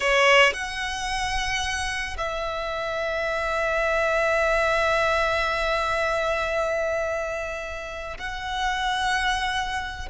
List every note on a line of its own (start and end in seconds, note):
0.00 0.52 C#5
0.53 2.17 F#5
2.17 8.17 E5
8.18 10.09 F#5